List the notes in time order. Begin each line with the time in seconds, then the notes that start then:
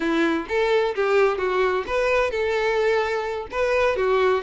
0.00 E4
0.48 A4
0.95 G4
1.38 F#4
1.86 B4
2.30 A4
3.51 B4
3.96 F#4